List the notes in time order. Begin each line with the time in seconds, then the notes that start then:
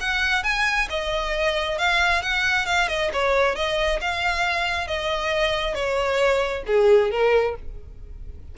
0.00 F#5
0.43 G#5
0.90 D#5
1.78 F5
2.22 F#5
2.66 F5
2.88 D#5
3.13 C#5
3.55 D#5
4.01 F5
4.87 D#5
5.74 C#5
6.66 G#4
7.11 A#4